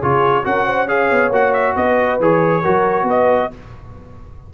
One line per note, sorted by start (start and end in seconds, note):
0.00 0.46 C#3
0.00 0.44 F4
0.00 0.44 G#4
0.00 0.46 C#5
0.44 1.11 C#4
0.44 0.87 F#4
0.44 0.66 A#4
0.44 0.88 F#5
0.66 0.88 C5
0.87 1.31 G#4
0.87 1.76 C#5
0.87 1.32 F5
1.11 1.30 B3
1.30 1.74 A#3
1.30 2.20 F#4
1.30 1.53 F#5
1.53 1.75 E5
1.76 2.20 B3
1.76 2.62 B4
1.76 2.20 D#5
2.20 2.63 E3
2.20 2.63 G#4
2.20 3.10 C#5
2.62 3.03 F#3
2.62 3.51 F#4
2.62 3.06 A#4
3.03 3.47 B3
3.03 3.51 B4
3.10 3.54 D#5